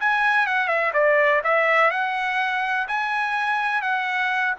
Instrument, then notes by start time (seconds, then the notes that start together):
trumpet
0.00 G#5
0.47 F#5
0.68 E5
0.93 D5
1.44 E5
1.91 F#5
2.88 G#5
3.82 F#5